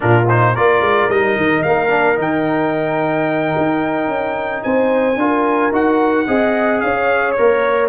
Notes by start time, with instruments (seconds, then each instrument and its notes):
0.00 tuba A#2, trombone D4, horn F4, trumpet A#4
0.28 trombone D#4, trumpet C5
0.53 tuba A#3, trombone F4, horn A#4, trumpet D5
0.81 tuba G#3
1.09 tuba G3, trombone D#4, trumpet D#5
1.36 tuba D#3
1.62 tuba A#3, trumpet F5
1.88 trombone D4
2.15 tuba D#3, trombone D#4, trumpet G5
3.57 tuba D#4
4.07 tuba C#4
4.63 tuba C4, horn C5, trumpet G#5
5.16 tuba D4, trombone F4, horn A#4
5.71 tuba D#4, trombone F#4, trumpet F#5
6.27 tuba C4, trombone G#4, horn D#5
6.80 tuba C#4, horn C#5, trumpet F5
7.31 trombone A#4, trumpet C#5
7.39 tuba A#3